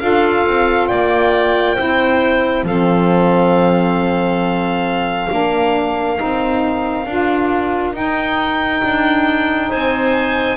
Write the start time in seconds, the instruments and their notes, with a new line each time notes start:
0.00 double bass D4, saxophone F4, clarinet A4, violin F5
0.47 double bass C4
0.88 double bass A#3, clarinet D5, violin G5
1.76 double bass C4, saxophone E4, clarinet C5
2.64 double bass F3, saxophone C4, clarinet A4, violin F5
5.30 double bass A#3, saxophone D4, clarinet A#4
6.17 double bass C4, saxophone D#4
7.06 double bass D4, saxophone F4
7.94 saxophone D#4, double bass D#4, violin G5
8.84 double bass D4
9.69 double bass C4, clarinet C5, violin G#5